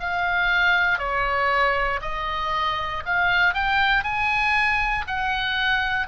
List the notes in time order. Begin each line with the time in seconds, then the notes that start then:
0.00 F5
0.98 C#5
2.02 D#5
3.06 F5
3.54 G5
4.04 G#5
5.07 F#5